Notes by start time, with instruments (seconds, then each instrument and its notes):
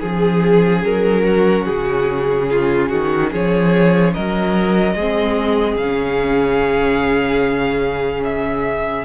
0.00 cello F3, viola C#4, violin G#4
0.84 cello F#3, violin A#4
1.23 violin F#4
1.65 cello C#3, violin G#4
2.51 violin F4
2.89 cello D#3, violin F#4
3.31 cello F3, violin G#4 C#5
4.14 cello F#3, violin A#4 D#5
4.95 cello G#3, viola C4, violin G#4
5.75 cello C#3, viola C#4, violin F5
8.24 violin E5